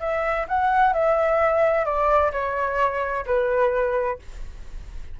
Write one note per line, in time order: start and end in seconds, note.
0.00 0.47 E5
0.48 0.93 F#5
0.93 1.85 E5
1.85 2.32 D5
2.32 3.25 C#5
3.26 4.19 B4